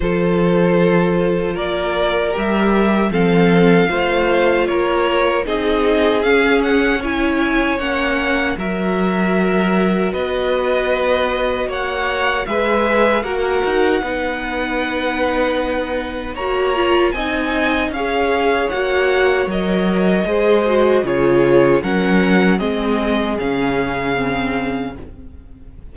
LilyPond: <<
  \new Staff \with { instrumentName = "violin" } { \time 4/4 \tempo 4 = 77 c''2 d''4 e''4 | f''2 cis''4 dis''4 | f''8 fis''8 gis''4 fis''4 e''4~ | e''4 dis''2 fis''4 |
e''4 fis''2.~ | fis''4 ais''4 gis''4 f''4 | fis''4 dis''2 cis''4 | fis''4 dis''4 f''2 | }
  \new Staff \with { instrumentName = "violin" } { \time 4/4 a'2 ais'2 | a'4 c''4 ais'4 gis'4~ | gis'4 cis''2 ais'4~ | ais'4 b'2 cis''4 |
b'4 ais'4 b'2~ | b'4 cis''4 dis''4 cis''4~ | cis''2 c''4 gis'4 | ais'4 gis'2. | }
  \new Staff \with { instrumentName = "viola" } { \time 4/4 f'2. g'4 | c'4 f'2 dis'4 | cis'4 e'4 cis'4 fis'4~ | fis'1 |
gis'4 fis'4 dis'2~ | dis'4 fis'8 f'8 dis'4 gis'4 | fis'4 ais'4 gis'8 fis'8 f'4 | cis'4 c'4 cis'4 c'4 | }
  \new Staff \with { instrumentName = "cello" } { \time 4/4 f2 ais4 g4 | f4 a4 ais4 c'4 | cis'2 ais4 fis4~ | fis4 b2 ais4 |
gis4 ais8 dis'8 b2~ | b4 ais4 c'4 cis'4 | ais4 fis4 gis4 cis4 | fis4 gis4 cis2 | }
>>